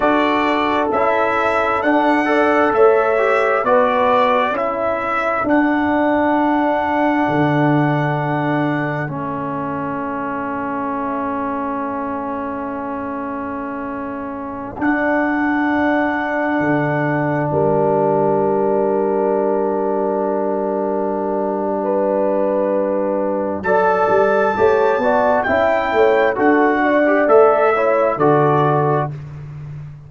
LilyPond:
<<
  \new Staff \with { instrumentName = "trumpet" } { \time 4/4 \tempo 4 = 66 d''4 e''4 fis''4 e''4 | d''4 e''4 fis''2~ | fis''2 e''2~ | e''1~ |
e''16 fis''2. g''8.~ | g''1~ | g''2 a''2 | g''4 fis''4 e''4 d''4 | }
  \new Staff \with { instrumentName = "horn" } { \time 4/4 a'2~ a'8 d''8 cis''4 | b'4 a'2.~ | a'1~ | a'1~ |
a'2.~ a'16 ais'8.~ | ais'1 | b'2 d''4 cis''8 d''8 | e''8 cis''8 a'8 d''4 cis''8 a'4 | }
  \new Staff \with { instrumentName = "trombone" } { \time 4/4 fis'4 e'4 d'8 a'4 g'8 | fis'4 e'4 d'2~ | d'2 cis'2~ | cis'1~ |
cis'16 d'2.~ d'8.~ | d'1~ | d'2 a'4 g'8 fis'8 | e'4 fis'8. g'16 a'8 e'8 fis'4 | }
  \new Staff \with { instrumentName = "tuba" } { \time 4/4 d'4 cis'4 d'4 a4 | b4 cis'4 d'2 | d2 a2~ | a1~ |
a16 d'2 d4 g8.~ | g1~ | g2 fis8 g8 a8 b8 | cis'8 a8 d'4 a4 d4 | }
>>